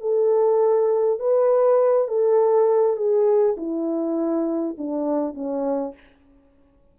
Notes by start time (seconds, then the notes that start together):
0.00 A4
1.19 B4
2.07 A4
2.96 G#4
3.57 E4
4.77 D4
5.34 C#4